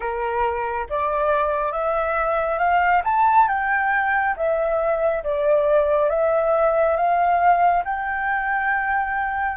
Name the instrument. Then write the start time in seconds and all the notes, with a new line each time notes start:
flute
0.00 A#4
0.89 D5
1.72 E5
2.58 F5
3.04 A5
3.48 G5
4.36 E5
5.23 D5
6.09 E5
6.96 F5
7.84 G5